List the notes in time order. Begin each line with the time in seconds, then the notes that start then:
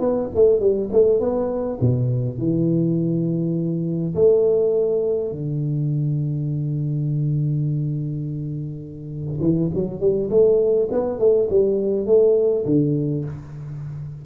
0.00 B3
0.35 A3
0.60 G3
0.92 A3
1.20 B3
1.81 B2
2.38 E3
4.15 A3
5.32 D3
9.41 E3
9.74 F#3
10.01 G3
10.30 A3
10.92 B3
11.19 A3
11.50 G3
12.06 A3
12.66 D3